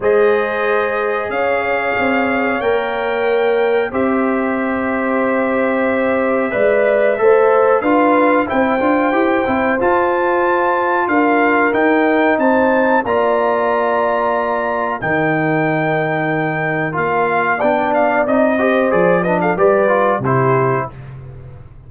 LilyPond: <<
  \new Staff \with { instrumentName = "trumpet" } { \time 4/4 \tempo 4 = 92 dis''2 f''2 | g''2 e''2~ | e''1 | f''4 g''2 a''4~ |
a''4 f''4 g''4 a''4 | ais''2. g''4~ | g''2 f''4 g''8 f''8 | dis''4 d''8 dis''16 f''16 d''4 c''4 | }
  \new Staff \with { instrumentName = "horn" } { \time 4/4 c''2 cis''2~ | cis''2 c''2~ | c''2 d''4 c''4 | b'4 c''2.~ |
c''4 ais'2 c''4 | d''2. ais'4~ | ais'2. d''4~ | d''8 c''4 b'16 a'16 b'4 g'4 | }
  \new Staff \with { instrumentName = "trombone" } { \time 4/4 gis'1 | ais'2 g'2~ | g'2 b'4 a'4 | f'4 e'8 f'8 g'8 e'8 f'4~ |
f'2 dis'2 | f'2. dis'4~ | dis'2 f'4 d'4 | dis'8 g'8 gis'8 d'8 g'8 f'8 e'4 | }
  \new Staff \with { instrumentName = "tuba" } { \time 4/4 gis2 cis'4 c'4 | ais2 c'2~ | c'2 gis4 a4 | d'4 c'8 d'8 e'8 c'8 f'4~ |
f'4 d'4 dis'4 c'4 | ais2. dis4~ | dis2 ais4 b4 | c'4 f4 g4 c4 | }
>>